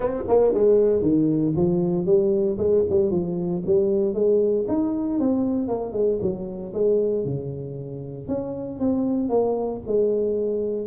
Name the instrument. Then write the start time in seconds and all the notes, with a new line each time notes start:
tuba
0.00 C4
0.28 A#3
0.53 G#3
1.01 D#3
1.56 F3
2.05 G3
2.57 G#3
2.89 G3
3.10 F3
3.65 G3
4.14 G#3
4.68 D#4
5.19 C4
5.68 A#3
5.92 G#3
6.21 F#3
6.73 G#3
7.25 C#3
8.28 C#4
8.79 C4
9.29 A#3
9.87 G#3